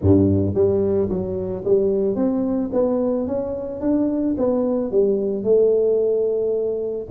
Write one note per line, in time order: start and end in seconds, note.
0.01 0.54 G2
0.54 1.09 G3
1.09 1.63 F#3
1.65 2.15 G3
2.15 2.70 C4
2.72 3.27 B3
3.27 3.81 C#4
3.81 4.35 D4
4.37 4.91 B3
4.91 5.43 G3
5.43 7.07 A3